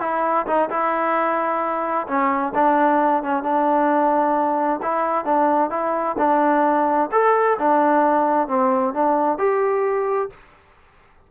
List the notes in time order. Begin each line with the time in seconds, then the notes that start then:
0.00 E4
0.46 D#4
0.69 E4
2.07 C#4
2.54 D4
3.23 C#4
3.43 D4
4.82 E4
5.25 D4
5.70 E4
6.18 D4
7.12 A4
7.58 D4
8.48 C4
8.93 D4
9.38 G4